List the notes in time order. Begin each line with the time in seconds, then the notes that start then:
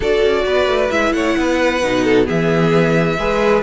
0.00 D4 F#4 A4 D5
0.22 C#4
0.45 B3 B4
0.66 A3
0.90 G#3 E4 E5
1.12 A3 C#5 F#5
1.37 B3 B4
1.82 B2 D#4
2.04 A4
2.25 E3 B3 G#4 E5
3.18 G#3 G#4 B4